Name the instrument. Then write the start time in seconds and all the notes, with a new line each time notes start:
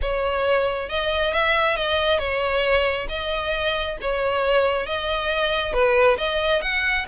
violin
0.01 C#5
0.89 D#5
1.33 E5
1.76 D#5
2.18 C#5
3.08 D#5
4.01 C#5
4.86 D#5
5.73 B4
6.17 D#5
6.61 F#5